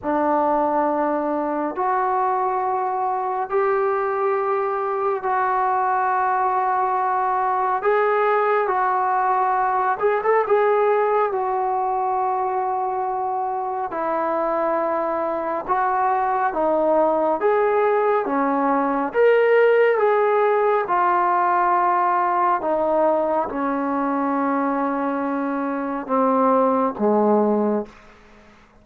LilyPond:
\new Staff \with { instrumentName = "trombone" } { \time 4/4 \tempo 4 = 69 d'2 fis'2 | g'2 fis'2~ | fis'4 gis'4 fis'4. gis'16 a'16 | gis'4 fis'2. |
e'2 fis'4 dis'4 | gis'4 cis'4 ais'4 gis'4 | f'2 dis'4 cis'4~ | cis'2 c'4 gis4 | }